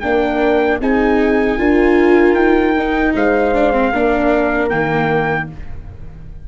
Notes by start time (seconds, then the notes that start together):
0.00 A#3 D4 A#4 G5
0.80 C4 D#4 G#4 G#5
1.58 D4 F4 A#4
2.34 D#4 G5
2.78 D#4
3.15 G#3 C5 F5
3.55 D4
3.73 C4
3.92 A#3 D4 A#4
4.69 D#3 A#3 G5